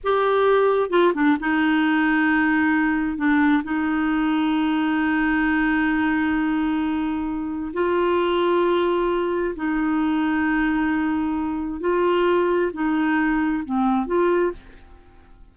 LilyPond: \new Staff \with { instrumentName = "clarinet" } { \time 4/4 \tempo 4 = 132 g'2 f'8 d'8 dis'4~ | dis'2. d'4 | dis'1~ | dis'1~ |
dis'4 f'2.~ | f'4 dis'2.~ | dis'2 f'2 | dis'2 c'4 f'4 | }